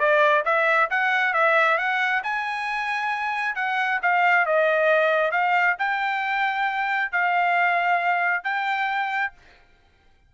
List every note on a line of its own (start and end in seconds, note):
0.00 0.44 D5
0.46 0.90 E5
0.91 1.34 F#5
1.34 1.78 E5
1.78 2.23 F#5
2.24 3.56 G#5
3.56 4.00 F#5
4.03 4.46 F5
4.46 5.32 D#5
5.32 5.77 F5
5.79 7.12 G5
7.12 8.44 F5
8.44 9.33 G5